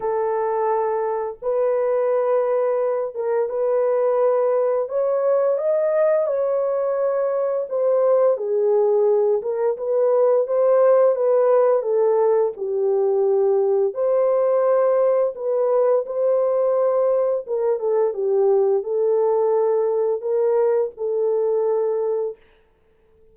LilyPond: \new Staff \with { instrumentName = "horn" } { \time 4/4 \tempo 4 = 86 a'2 b'2~ | b'8 ais'8 b'2 cis''4 | dis''4 cis''2 c''4 | gis'4. ais'8 b'4 c''4 |
b'4 a'4 g'2 | c''2 b'4 c''4~ | c''4 ais'8 a'8 g'4 a'4~ | a'4 ais'4 a'2 | }